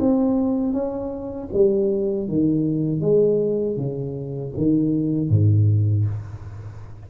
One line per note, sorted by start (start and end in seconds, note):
0.00 0.73 C4
0.73 1.49 C#4
1.53 2.29 G3
2.29 3.01 D#3
3.01 3.77 G#3
3.77 4.53 C#3
4.57 5.30 D#3
5.30 6.06 G#2